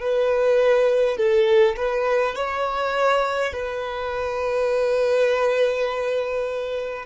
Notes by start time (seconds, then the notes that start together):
0.00 B4
1.17 A4
1.76 B4
2.35 C#5
3.52 B4